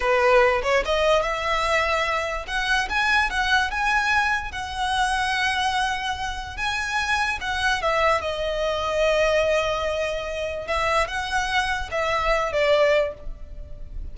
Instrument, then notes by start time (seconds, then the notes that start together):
violin
0.00 B4
0.63 C#5
0.85 D#5
1.22 E5
2.47 F#5
2.89 G#5
3.30 F#5
3.71 G#5
4.51 F#5
6.56 G#5
7.40 F#5
7.81 E5
8.21 D#5
10.67 E5
11.07 F#5
11.91 E5
12.52 D5